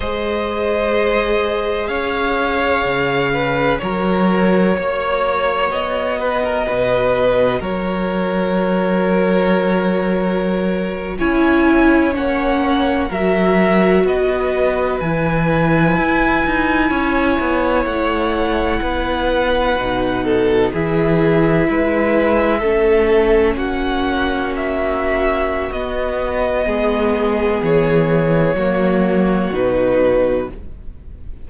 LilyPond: <<
  \new Staff \with { instrumentName = "violin" } { \time 4/4 \tempo 4 = 63 dis''2 f''2 | cis''2 dis''2 | cis''2.~ cis''8. gis''16~ | gis''8. fis''4 e''4 dis''4 gis''16~ |
gis''2~ gis''8. fis''4~ fis''16~ | fis''4.~ fis''16 e''2~ e''16~ | e''8. fis''4 e''4~ e''16 dis''4~ | dis''4 cis''2 b'4 | }
  \new Staff \with { instrumentName = "violin" } { \time 4/4 c''2 cis''4. b'8 | ais'4 cis''4. b'16 ais'16 b'4 | ais'2.~ ais'8. cis''16~ | cis''4.~ cis''16 ais'4 b'4~ b'16~ |
b'4.~ b'16 cis''2 b'16~ | b'4~ b'16 a'8 gis'4 b'4 a'16~ | a'8. fis'2.~ fis'16 | gis'2 fis'2 | }
  \new Staff \with { instrumentName = "viola" } { \time 4/4 gis'1 | fis'1~ | fis'2.~ fis'8. e'16~ | e'8. cis'4 fis'2 e'16~ |
e'1~ | e'8. dis'4 e'2 cis'16~ | cis'2. b4~ | b2 ais4 dis'4 | }
  \new Staff \with { instrumentName = "cello" } { \time 4/4 gis2 cis'4 cis4 | fis4 ais4 b4 b,4 | fis2.~ fis8. cis'16~ | cis'8. ais4 fis4 b4 e16~ |
e8. e'8 dis'8 cis'8 b8 a4 b16~ | b8. b,4 e4 gis4 a16~ | a8. ais2~ ais16 b4 | gis4 e4 fis4 b,4 | }
>>